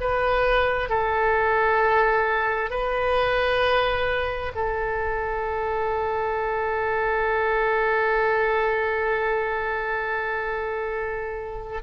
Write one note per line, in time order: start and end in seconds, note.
0.00 0.89 B4
0.89 2.70 A4
2.70 4.52 B4
4.55 11.82 A4